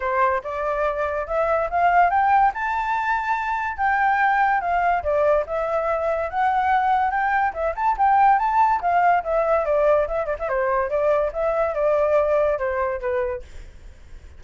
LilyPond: \new Staff \with { instrumentName = "flute" } { \time 4/4 \tempo 4 = 143 c''4 d''2 e''4 | f''4 g''4 a''2~ | a''4 g''2 f''4 | d''4 e''2 fis''4~ |
fis''4 g''4 e''8 a''8 g''4 | a''4 f''4 e''4 d''4 | e''8 d''16 e''16 c''4 d''4 e''4 | d''2 c''4 b'4 | }